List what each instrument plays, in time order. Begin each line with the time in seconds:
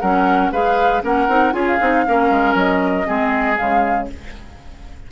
0.00 bassoon F#3, clarinet C#4, oboe A#4, flute F#5
0.51 bassoon G#3, clarinet G#4, oboe B4, flute F5
1.02 bassoon A#3, clarinet C#4, oboe A#4, flute F#5
1.28 bassoon C4, clarinet D#4
1.52 bassoon C#4, clarinet F4, oboe G#4, flute G#5
1.67 flute F5
1.80 bassoon C4, clarinet D#4
2.06 bassoon A#3, clarinet C#4, oboe A#4
2.30 bassoon G#3
2.54 bassoon F#3, flute D#5
3.05 bassoon G#3, clarinet C4, oboe G#4
3.56 bassoon C#3, clarinet G#3, flute F5